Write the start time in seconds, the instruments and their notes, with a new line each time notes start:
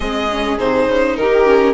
0.00 bassoon G#3, viola C4 G#4, violin D#5
0.30 viola C#4
0.58 bassoon C3, viola D#4, violin C5
0.87 bassoon C#3
1.16 bassoon D#3, viola G4, violin A#4
1.45 viola C#4